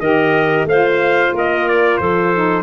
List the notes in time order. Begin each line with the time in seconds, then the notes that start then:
0.00 D#3 G4 A#4 D#5
0.65 A3 F4 C5 F5
1.34 A#3 A#4 D#5
1.69 D5
1.98 F3 A4 C5
2.35 D#4